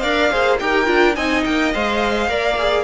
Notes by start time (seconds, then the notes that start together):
0.00 D4 A#4 D5 F5
0.31 A#3 G#4 C5
0.59 D#4 G4 A#4 G5
0.86 D4 F4
1.16 C4 D#4 D#5 G#5
1.45 A#3 G5
1.74 G#3 C5 F5
2.28 A#3 A#4 D5
2.59 G#4